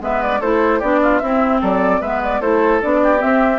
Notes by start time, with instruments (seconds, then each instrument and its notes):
0.00 bassoon G#3, clarinet B3, oboe B4, flute E5
0.22 flute D5
0.40 bassoon A3, clarinet E4, oboe A4, flute C5
0.79 bassoon B3, clarinet D4, oboe G4, flute D5
1.02 oboe F4
1.18 bassoon C4, clarinet C4, oboe E4, flute E5
1.61 bassoon F#3, oboe A4, flute D5
2.00 bassoon G#3, clarinet B3, oboe B4, flute E5
2.23 flute D5
2.40 bassoon A3, clarinet E4, oboe A4, flute C5
2.81 bassoon B3, clarinet D4, flute D5
3.03 oboe G4
3.18 clarinet C4, bassoon C4, flute E5